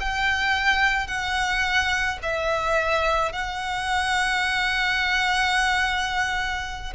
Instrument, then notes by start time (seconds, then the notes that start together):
violin
0.00 G5
1.07 F#5
2.22 E5
3.32 F#5